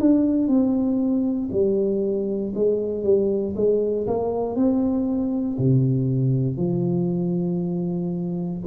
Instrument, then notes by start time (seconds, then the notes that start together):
tuba
0.00 D4
0.48 C4
1.52 G3
2.56 G#3
3.04 G3
3.56 G#3
4.07 A#3
4.56 C4
5.59 C3
6.57 F3